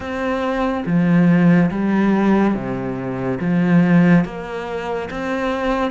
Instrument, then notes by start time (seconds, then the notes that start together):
cello
0.00 C4
0.86 F3
1.71 G3
2.54 C3
3.40 F3
4.24 A#3
5.10 C4